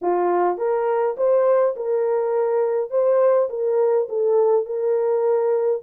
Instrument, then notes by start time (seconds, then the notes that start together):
horn
0.01 F4
0.57 A#4
1.17 C5
1.76 A#4
2.90 C5
3.49 A#4
4.08 A4
4.65 A#4